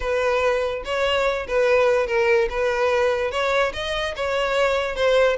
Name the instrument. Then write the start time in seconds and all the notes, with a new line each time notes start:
violin
0.00 B4
0.84 C#5
1.47 B4
2.07 A#4
2.49 B4
3.31 C#5
3.73 D#5
4.15 C#5
4.95 C5